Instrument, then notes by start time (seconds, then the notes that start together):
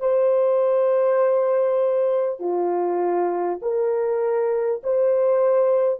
horn
0.00 C5
2.39 F4
3.62 A#4
4.84 C5